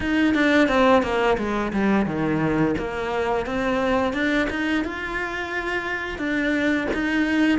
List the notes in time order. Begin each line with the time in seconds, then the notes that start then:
0.00 D#4
0.34 D4
0.68 C4
1.02 A#3
1.37 G#3
1.72 G3
2.06 D#3
2.77 A#3
3.45 C4
4.13 D4
4.50 D#4
4.84 F4
6.18 D4
6.93 D#4